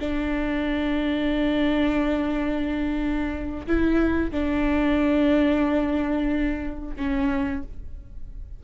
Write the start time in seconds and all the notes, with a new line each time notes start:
0.00 D4
3.67 E4
4.32 D4
6.97 C#4